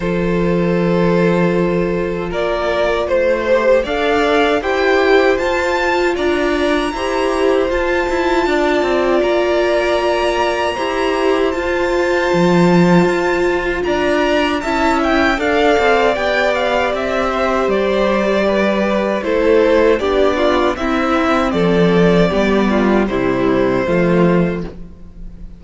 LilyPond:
<<
  \new Staff \with { instrumentName = "violin" } { \time 4/4 \tempo 4 = 78 c''2. d''4 | c''4 f''4 g''4 a''4 | ais''2 a''2 | ais''2. a''4~ |
a''2 ais''4 a''8 g''8 | f''4 g''8 f''8 e''4 d''4~ | d''4 c''4 d''4 e''4 | d''2 c''2 | }
  \new Staff \with { instrumentName = "violin" } { \time 4/4 a'2. ais'4 | c''4 d''4 c''2 | d''4 c''2 d''4~ | d''2 c''2~ |
c''2 d''4 e''4 | d''2~ d''8 c''4. | b'4 a'4 g'8 f'8 e'4 | a'4 g'8 f'8 e'4 f'4 | }
  \new Staff \with { instrumentName = "viola" } { \time 4/4 f'1~ | f'8 g'8 a'4 g'4 f'4~ | f'4 g'4 f'2~ | f'2 g'4 f'4~ |
f'2. e'4 | a'4 g'2.~ | g'4 e'4 d'4 c'4~ | c'4 b4 g4 a4 | }
  \new Staff \with { instrumentName = "cello" } { \time 4/4 f2. ais4 | a4 d'4 e'4 f'4 | d'4 e'4 f'8 e'8 d'8 c'8 | ais2 e'4 f'4 |
f4 f'4 d'4 cis'4 | d'8 c'8 b4 c'4 g4~ | g4 a4 b4 c'4 | f4 g4 c4 f4 | }
>>